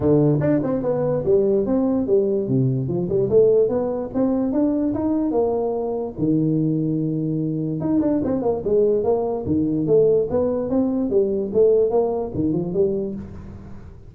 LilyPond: \new Staff \with { instrumentName = "tuba" } { \time 4/4 \tempo 4 = 146 d4 d'8 c'8 b4 g4 | c'4 g4 c4 f8 g8 | a4 b4 c'4 d'4 | dis'4 ais2 dis4~ |
dis2. dis'8 d'8 | c'8 ais8 gis4 ais4 dis4 | a4 b4 c'4 g4 | a4 ais4 dis8 f8 g4 | }